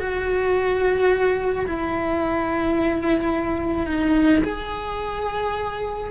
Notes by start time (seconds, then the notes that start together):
0.00 F#4
1.68 E4
3.87 D#4
4.44 G#4